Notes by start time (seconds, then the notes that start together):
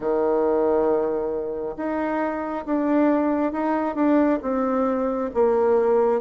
0.00 D#3
1.76 D#4
2.65 D4
3.52 D#4
3.95 D4
4.42 C4
5.33 A#3